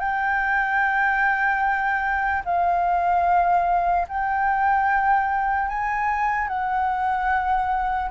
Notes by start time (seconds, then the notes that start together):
0.00 G5
2.45 F5
4.09 G5
5.69 G#5
6.49 F#5